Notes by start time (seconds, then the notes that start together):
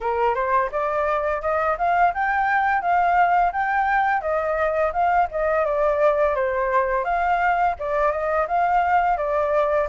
0.00 A#4
0.34 C5
0.71 D5
1.41 D#5
1.78 F5
2.14 G5
2.81 F5
3.52 G5
4.21 D#5
4.92 F5
5.31 D#5
5.65 D5
6.35 C5
7.04 F5
7.79 D5
8.11 D#5
8.47 F5
9.17 D5